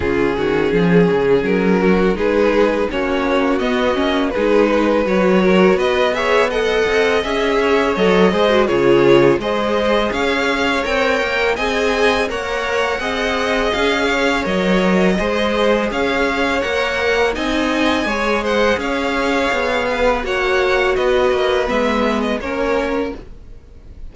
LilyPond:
<<
  \new Staff \with { instrumentName = "violin" } { \time 4/4 \tempo 4 = 83 gis'2 ais'4 b'4 | cis''4 dis''4 b'4 cis''4 | dis''8 e''8 fis''4 e''4 dis''4 | cis''4 dis''4 f''4 g''4 |
gis''4 fis''2 f''4 | dis''2 f''4 fis''4 | gis''4. fis''8 f''2 | fis''4 dis''4 e''8. dis''16 cis''4 | }
  \new Staff \with { instrumentName = "violin" } { \time 4/4 f'8 fis'8 gis'4. fis'8 gis'4 | fis'2 gis'8 b'4 ais'8 | b'8 cis''8 dis''4. cis''4 c''8 | gis'4 c''4 cis''2 |
dis''4 cis''4 dis''4. cis''8~ | cis''4 c''4 cis''2 | dis''4 cis''8 c''8 cis''4. b'8 | cis''4 b'2 ais'4 | }
  \new Staff \with { instrumentName = "viola" } { \time 4/4 cis'2. dis'4 | cis'4 b8 cis'8 dis'4 fis'4~ | fis'8 gis'8 a'4 gis'4 a'8 gis'16 fis'16 | f'4 gis'2 ais'4 |
gis'4 ais'4 gis'2 | ais'4 gis'2 ais'4 | dis'4 gis'2. | fis'2 b4 cis'4 | }
  \new Staff \with { instrumentName = "cello" } { \time 4/4 cis8 dis8 f8 cis8 fis4 gis4 | ais4 b8 ais8 gis4 fis4 | b4. c'8 cis'4 fis8 gis8 | cis4 gis4 cis'4 c'8 ais8 |
c'4 ais4 c'4 cis'4 | fis4 gis4 cis'4 ais4 | c'4 gis4 cis'4 b4 | ais4 b8 ais8 gis4 ais4 | }
>>